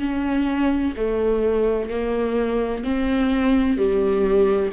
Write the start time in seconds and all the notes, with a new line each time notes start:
0.00 C#4
0.97 A3
1.90 A#3
2.84 C4
3.77 G3